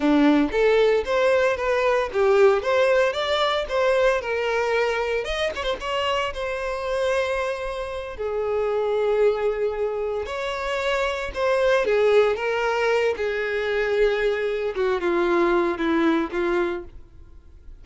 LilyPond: \new Staff \with { instrumentName = "violin" } { \time 4/4 \tempo 4 = 114 d'4 a'4 c''4 b'4 | g'4 c''4 d''4 c''4 | ais'2 dis''8 cis''16 c''16 cis''4 | c''2.~ c''8 gis'8~ |
gis'2.~ gis'8 cis''8~ | cis''4. c''4 gis'4 ais'8~ | ais'4 gis'2. | fis'8 f'4. e'4 f'4 | }